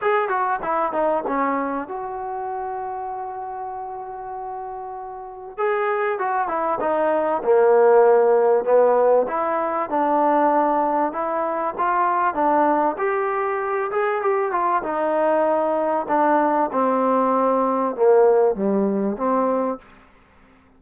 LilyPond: \new Staff \with { instrumentName = "trombone" } { \time 4/4 \tempo 4 = 97 gis'8 fis'8 e'8 dis'8 cis'4 fis'4~ | fis'1~ | fis'4 gis'4 fis'8 e'8 dis'4 | ais2 b4 e'4 |
d'2 e'4 f'4 | d'4 g'4. gis'8 g'8 f'8 | dis'2 d'4 c'4~ | c'4 ais4 g4 c'4 | }